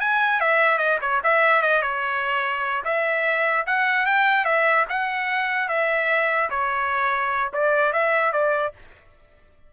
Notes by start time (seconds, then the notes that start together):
0.00 G#5
0.41 E5
0.78 D#5
1.01 C#5
1.24 E5
1.62 D#5
1.82 C#5
2.84 E5
3.66 F#5
4.06 G5
4.45 E5
4.89 F#5
5.68 E5
6.50 C#5
7.53 D5
7.93 E5
8.32 D5